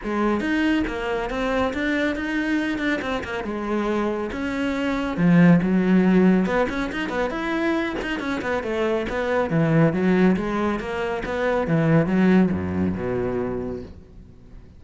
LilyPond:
\new Staff \with { instrumentName = "cello" } { \time 4/4 \tempo 4 = 139 gis4 dis'4 ais4 c'4 | d'4 dis'4. d'8 c'8 ais8 | gis2 cis'2 | f4 fis2 b8 cis'8 |
dis'8 b8 e'4. dis'8 cis'8 b8 | a4 b4 e4 fis4 | gis4 ais4 b4 e4 | fis4 fis,4 b,2 | }